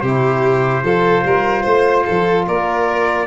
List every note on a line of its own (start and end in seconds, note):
0.00 0.83 C3
0.00 0.85 E4
0.00 0.83 G4
0.00 2.43 C5
0.83 1.23 F3
0.83 3.27 F4
0.83 1.24 A4
1.24 1.65 G3
1.24 1.62 A#4
1.62 2.06 A3
1.62 2.03 C5
2.05 2.47 F3
2.05 2.45 A4
2.47 3.27 A#3
2.47 3.27 A#4
2.47 3.27 D5